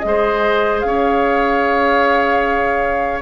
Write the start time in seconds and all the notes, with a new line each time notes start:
0.00 G#3 G#4 D#5
0.08 C5
0.81 C#4 F5
0.87 C#5